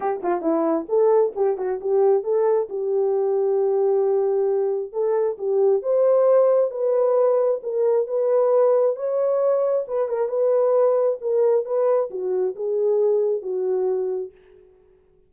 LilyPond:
\new Staff \with { instrumentName = "horn" } { \time 4/4 \tempo 4 = 134 g'8 f'8 e'4 a'4 g'8 fis'8 | g'4 a'4 g'2~ | g'2. a'4 | g'4 c''2 b'4~ |
b'4 ais'4 b'2 | cis''2 b'8 ais'8 b'4~ | b'4 ais'4 b'4 fis'4 | gis'2 fis'2 | }